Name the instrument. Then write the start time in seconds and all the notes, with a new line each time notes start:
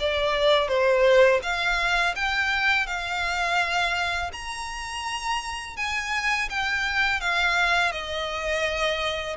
violin
0.00 D5
0.69 C5
1.43 F5
2.16 G5
2.87 F5
4.33 A#5
5.77 G#5
6.50 G5
7.21 F5
7.92 D#5